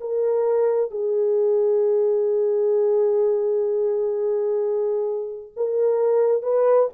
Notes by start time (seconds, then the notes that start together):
0.00 A#4
0.90 G#4
5.56 A#4
6.42 B4